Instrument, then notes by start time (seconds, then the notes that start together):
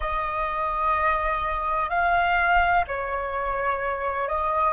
flute
0.00 D#5
1.89 F5
2.87 C#5
4.28 D#5